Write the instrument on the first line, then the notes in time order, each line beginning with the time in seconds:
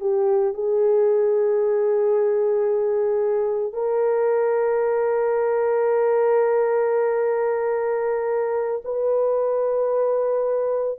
horn
0.00 G4
0.54 G#4
3.73 A#4
8.84 B4